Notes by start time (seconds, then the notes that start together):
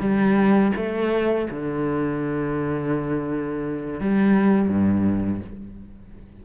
0.00 G3
0.76 A3
1.50 D3
4.01 G3
4.69 G2